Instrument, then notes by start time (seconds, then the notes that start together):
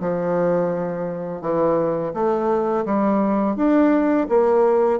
bassoon
0.00 F3
1.41 E3
2.14 A3
2.85 G3
3.56 D4
4.29 A#3